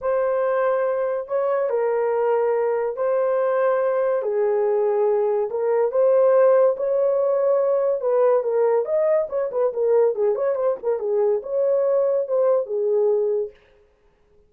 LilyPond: \new Staff \with { instrumentName = "horn" } { \time 4/4 \tempo 4 = 142 c''2. cis''4 | ais'2. c''4~ | c''2 gis'2~ | gis'4 ais'4 c''2 |
cis''2. b'4 | ais'4 dis''4 cis''8 b'8 ais'4 | gis'8 cis''8 c''8 ais'8 gis'4 cis''4~ | cis''4 c''4 gis'2 | }